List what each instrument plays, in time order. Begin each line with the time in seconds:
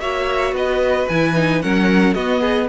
0.00 cello A#3, viola F#4, violin C#5 E5
0.52 cello B3, violin B4 D#5
1.08 cello E3, viola E4, violin G#5
1.35 viola D#4
1.61 cello F#3, viola C#4, violin A#4 F#5
2.14 cello B3, viola B3, violin F#4 D#5
2.40 violin G#4